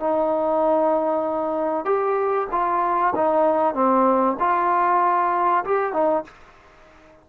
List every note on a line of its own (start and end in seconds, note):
0.00 1.85 D#4
1.85 2.48 G4
2.52 3.14 F4
3.16 3.74 D#4
3.74 4.37 C4
4.39 5.64 F4
5.65 5.93 G4
5.93 6.24 D#4